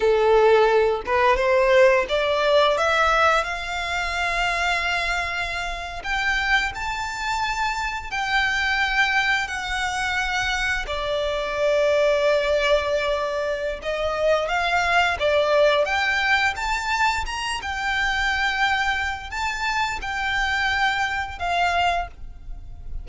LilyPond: \new Staff \with { instrumentName = "violin" } { \time 4/4 \tempo 4 = 87 a'4. b'8 c''4 d''4 | e''4 f''2.~ | f''8. g''4 a''2 g''16~ | g''4.~ g''16 fis''2 d''16~ |
d''1 | dis''4 f''4 d''4 g''4 | a''4 ais''8 g''2~ g''8 | a''4 g''2 f''4 | }